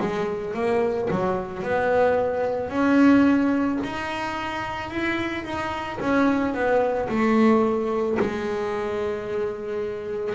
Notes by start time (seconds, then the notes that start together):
0.00 G#3
0.54 A#3
1.11 F#3
1.63 B3
2.70 C#4
3.84 D#4
4.90 E4
5.44 D#4
6.00 C#4
6.54 B3
7.09 A3
8.20 G#3